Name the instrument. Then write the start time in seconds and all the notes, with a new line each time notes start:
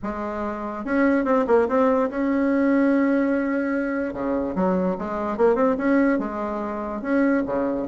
bassoon
0.02 G#3
0.84 C#4
1.24 C4
1.47 A#3
1.68 C4
2.10 C#4
4.13 C#3
4.55 F#3
4.98 G#3
5.37 A#3
5.55 C4
5.77 C#4
6.18 G#3
7.01 C#4
7.46 C#3